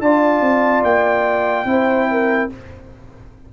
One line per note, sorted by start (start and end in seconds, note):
0.00 0.41 D4
0.00 1.66 F4
0.00 1.69 D5
0.00 0.84 A5
0.41 0.82 C4
0.83 1.65 A#3
0.83 2.51 G5
1.65 2.48 C4
1.65 2.49 E4
1.65 2.11 C5
2.11 2.53 A#4